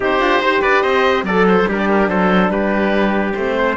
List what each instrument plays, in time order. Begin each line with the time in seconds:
0.00 cello C4, horn D#4, trumpet G4, oboe C5
0.19 cello D4, horn F4
0.39 cello D#4, horn G4, trumpet C5
0.61 cello D4, trumpet B4, oboe D5
0.82 cello C4, trumpet C5, oboe D#5
1.23 cello F#3, horn A4, trumpet A4, oboe D5
1.48 oboe C5
1.67 cello G3, horn D4, trumpet G4, oboe A#4
1.77 oboe D5
1.88 oboe A#4
2.07 cello F#3, trumpet A4, oboe C5
2.49 cello G3, trumpet G4, oboe B4
3.33 cello A3, horn C4, oboe C5
3.57 trumpet C5